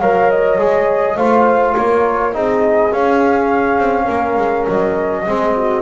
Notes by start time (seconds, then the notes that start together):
0.00 F#3 A#4 C#5 F5
0.30 D#5
0.58 G#3 G#4
1.16 A3 F4 C5 F5
1.76 A#3 A#4 C#5
2.33 C4 D#4 G#4 D#5
2.92 C#4 F5
3.78 C4
4.05 A#3 A#4
4.37 G#3
4.69 F#3 D#5
5.25 G#3 C4 G#4
5.57 F#4